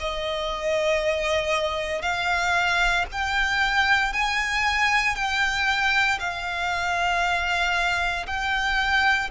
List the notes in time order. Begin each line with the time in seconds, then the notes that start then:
0.00 D#5
2.02 F5
3.12 G5
4.13 G#5
5.16 G5
6.20 F5
8.27 G5